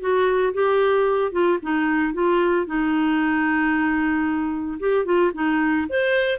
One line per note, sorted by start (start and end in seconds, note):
0.00 0.53 F#4
0.53 1.32 G4
1.32 1.58 F4
1.62 2.14 D#4
2.14 2.66 F4
2.66 4.79 D#4
4.79 5.05 G4
5.05 5.31 F4
5.34 5.87 D#4
5.89 6.38 C5